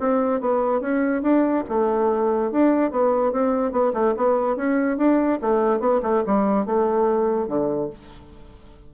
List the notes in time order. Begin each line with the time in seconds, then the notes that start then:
0.00 C4
0.41 B3
0.81 C#4
1.23 D4
1.69 A3
2.52 D4
2.91 B3
3.32 C4
3.72 B3
3.94 A3
4.17 B3
4.56 C#4
4.98 D4
5.42 A3
5.80 B3
6.03 A3
6.27 G3
6.66 A3
7.48 D3